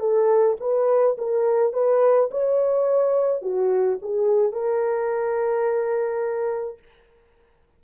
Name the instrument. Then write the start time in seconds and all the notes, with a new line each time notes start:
horn
0.00 A4
0.60 B4
1.18 A#4
1.73 B4
2.32 C#5
3.42 F#4
4.02 G#4
4.53 A#4